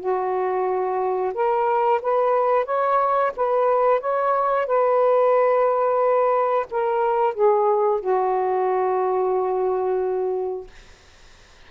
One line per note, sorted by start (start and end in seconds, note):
0.00 1.33 F#4
1.34 2.01 A#4
2.02 2.65 B4
2.65 3.32 C#5
3.36 4.00 B4
4.00 4.67 C#5
4.67 6.67 B4
6.71 7.34 A#4
7.34 8.01 G#4
8.01 10.67 F#4